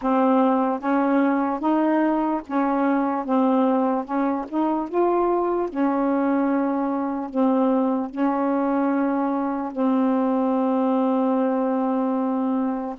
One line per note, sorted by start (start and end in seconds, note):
0.01 0.79 C4
0.79 1.60 C#4
1.60 2.41 D#4
2.47 3.25 C#4
3.25 4.05 C4
4.05 4.45 C#4
4.48 4.88 D#4
4.88 5.69 F4
5.69 7.29 C#4
7.29 8.10 C4
8.10 9.71 C#4
9.71 12.96 C4